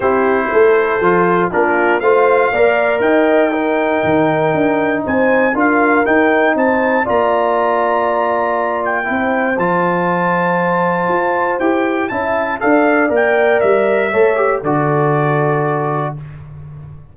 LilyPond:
<<
  \new Staff \with { instrumentName = "trumpet" } { \time 4/4 \tempo 4 = 119 c''2. ais'4 | f''2 g''2~ | g''2 gis''4 f''4 | g''4 a''4 ais''2~ |
ais''4. g''4. a''4~ | a''2. g''4 | a''4 f''4 g''4 e''4~ | e''4 d''2. | }
  \new Staff \with { instrumentName = "horn" } { \time 4/4 g'4 a'2 f'4 | c''4 d''4 dis''4 ais'4~ | ais'2 c''4 ais'4~ | ais'4 c''4 d''2~ |
d''2 c''2~ | c''1 | e''4 d''2. | cis''4 a'2. | }
  \new Staff \with { instrumentName = "trombone" } { \time 4/4 e'2 f'4 d'4 | f'4 ais'2 dis'4~ | dis'2. f'4 | dis'2 f'2~ |
f'2 e'4 f'4~ | f'2. g'4 | e'4 a'4 ais'2 | a'8 g'8 fis'2. | }
  \new Staff \with { instrumentName = "tuba" } { \time 4/4 c'4 a4 f4 ais4 | a4 ais4 dis'2 | dis4 d'4 c'4 d'4 | dis'4 c'4 ais2~ |
ais2 c'4 f4~ | f2 f'4 e'4 | cis'4 d'4 ais4 g4 | a4 d2. | }
>>